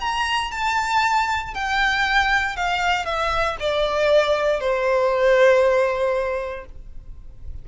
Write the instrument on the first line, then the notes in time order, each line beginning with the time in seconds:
violin
0.00 A#5
0.51 A5
1.54 G5
2.56 F5
3.05 E5
3.59 D5
4.60 C5